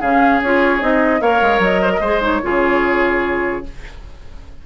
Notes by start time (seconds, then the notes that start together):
0.00 C#3 C#4 G#4 F5
0.42 C#4 F4 C#5
0.80 C4 D#4 D#5
1.21 A#3 A#4 C#5 F5
1.42 G#3
1.59 F#3 D#5
1.82 C5
1.93 A#4
2.01 G#3 G#4 C5
2.21 D#4 C#5
2.42 C#3 F4 G#4